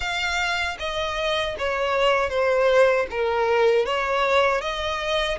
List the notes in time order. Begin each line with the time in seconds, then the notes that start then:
0.00 F5
0.79 D#5
1.58 C#5
2.29 C5
3.10 A#4
3.85 C#5
4.61 D#5